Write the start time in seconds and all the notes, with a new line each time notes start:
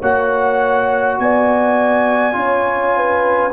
0.00 A#3 F#4 C#5 F#5
1.19 B3 D5 G#5
2.33 C#4 F4 C#5
2.97 B4